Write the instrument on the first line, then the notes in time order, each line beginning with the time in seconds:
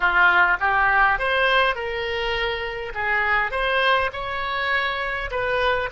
oboe
0.00 F4
0.60 G4
1.18 C5
1.75 A#4
2.94 G#4
3.51 C5
4.12 C#5
5.30 B4